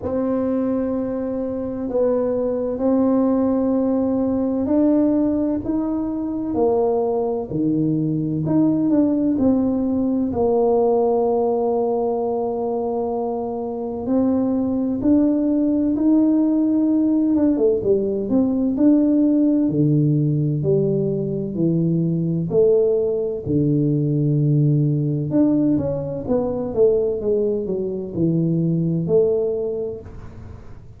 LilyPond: \new Staff \with { instrumentName = "tuba" } { \time 4/4 \tempo 4 = 64 c'2 b4 c'4~ | c'4 d'4 dis'4 ais4 | dis4 dis'8 d'8 c'4 ais4~ | ais2. c'4 |
d'4 dis'4. d'16 a16 g8 c'8 | d'4 d4 g4 e4 | a4 d2 d'8 cis'8 | b8 a8 gis8 fis8 e4 a4 | }